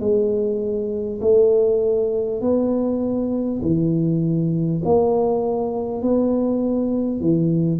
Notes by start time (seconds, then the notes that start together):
0.00 G#3
1.22 A3
2.41 B3
3.62 E3
4.85 A#3
6.02 B3
7.21 E3